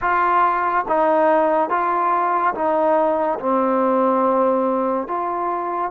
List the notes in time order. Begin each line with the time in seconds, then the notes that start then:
0.01 F4
0.88 D#4
1.69 F4
2.54 D#4
3.39 C4
5.07 F4